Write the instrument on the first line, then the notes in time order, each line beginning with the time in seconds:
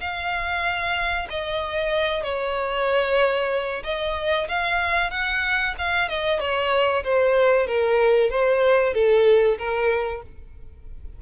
violin
0.00 F5
1.30 D#5
2.23 C#5
3.84 D#5
4.48 F5
5.11 F#5
5.78 F5
6.08 D#5
6.40 C#5
7.04 C5
7.67 A#4
8.30 C5
8.94 A4
9.58 A#4